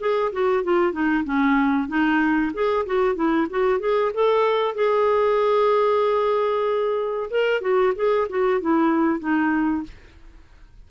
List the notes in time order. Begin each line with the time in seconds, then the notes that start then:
0.00 G#4
0.32 F#4
0.63 F4
0.92 D#4
1.24 C#4
1.88 D#4
2.53 G#4
2.86 F#4
3.15 E4
3.50 F#4
3.79 G#4
4.14 A4
4.75 G#4
7.30 A#4
7.61 F#4
7.96 G#4
8.29 F#4
8.61 E4
9.19 D#4